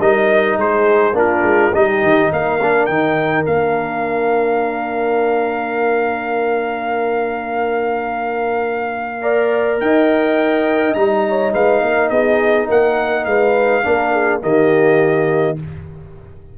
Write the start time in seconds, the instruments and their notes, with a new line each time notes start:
0.00 tuba G3, trombone D#4, horn A#4, trumpet D#5
0.58 tuba G#3, horn G#4, trumpet C5
1.13 tuba A#3, trombone D4, horn F4, trumpet A#4
1.43 tuba G#3
1.74 tuba G3, trombone D#4, horn G4, trumpet D#5
2.04 tuba D#3
2.33 tuba A#3, horn A#4, trumpet F5
2.62 trombone D4
2.86 tuba D#3, trombone D#4, trumpet G5
3.46 tuba A#3, trombone D4, trumpet F5
9.22 trombone A#4, horn D5
9.81 tuba D#4, horn D#5, trumpet G5
10.94 tuba G3, trombone D#4, trumpet A#5
11.29 horn C#5
11.54 tuba G#3, horn B4, trumpet F5
11.82 tuba A#3, horn A#4
12.10 tuba B3, horn G#4, trumpet D#5
12.68 tuba A#3, horn A#4, trumpet F#5
13.25 tuba G#3, horn B4, trumpet F5
13.84 tuba A#3, trombone D4, horn A#4
14.13 horn G#4
14.41 tuba D#3, trombone A#3, horn G4, trumpet D#5